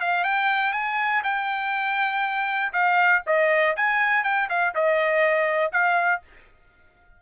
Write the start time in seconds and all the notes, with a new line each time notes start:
0.00 F5
0.24 G5
0.72 G#5
1.23 G5
2.72 F5
3.26 D#5
3.76 G#5
4.23 G5
4.49 F5
4.74 D#5
5.72 F5